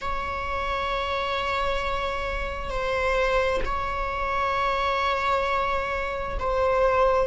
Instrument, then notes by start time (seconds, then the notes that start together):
viola
0.01 C#5
2.69 C5
3.65 C#5
6.39 C5